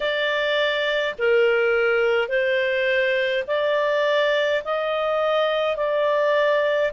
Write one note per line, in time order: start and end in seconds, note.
0.00 1.15 D5
1.18 2.28 A#4
2.28 3.44 C5
3.47 4.62 D5
4.64 5.76 D#5
5.76 6.91 D5